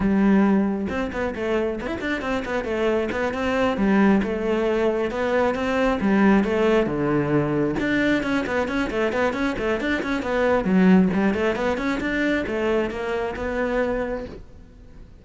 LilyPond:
\new Staff \with { instrumentName = "cello" } { \time 4/4 \tempo 4 = 135 g2 c'8 b8 a4 | b16 e'16 d'8 c'8 b8 a4 b8 c'8~ | c'8 g4 a2 b8~ | b8 c'4 g4 a4 d8~ |
d4. d'4 cis'8 b8 cis'8 | a8 b8 cis'8 a8 d'8 cis'8 b4 | fis4 g8 a8 b8 cis'8 d'4 | a4 ais4 b2 | }